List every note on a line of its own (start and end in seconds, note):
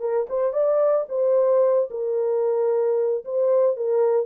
0.00 0.27 A#4
0.29 0.53 C5
0.53 1.06 D5
1.09 1.89 C5
1.90 3.24 A#4
3.25 3.76 C5
3.76 4.26 A#4